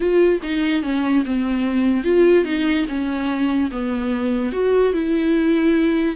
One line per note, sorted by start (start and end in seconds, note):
0.00 0.40 F4
0.42 0.82 D#4
0.82 1.23 C#4
1.25 2.04 C4
2.04 2.45 F4
2.45 2.86 D#4
2.88 3.70 C#4
3.71 4.52 B3
4.52 4.93 F#4
4.93 6.15 E4